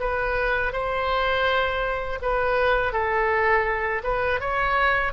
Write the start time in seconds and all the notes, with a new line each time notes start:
0.00 B4
0.73 C5
2.22 B4
2.93 A4
4.03 B4
4.40 C#5